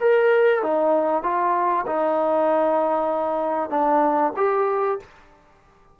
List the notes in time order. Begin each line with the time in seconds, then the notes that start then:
0.00 A#4
0.62 D#4
1.23 F4
1.87 D#4
3.70 D4
4.37 G4